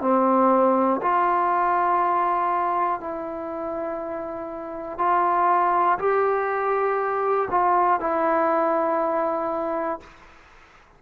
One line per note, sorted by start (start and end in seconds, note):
0.00 1.00 C4
1.02 3.00 F4
3.00 4.98 E4
4.98 5.98 F4
5.98 7.48 G4
7.50 8.00 F4
8.00 10.00 E4